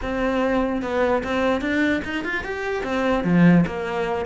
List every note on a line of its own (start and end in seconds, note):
0.02 0.82 C4
0.82 1.22 B3
1.23 1.61 C4
1.61 2.01 D4
2.04 2.24 D#4
2.24 2.43 F4
2.43 2.83 G4
2.83 3.24 C4
3.24 3.64 F3
3.66 4.25 A#3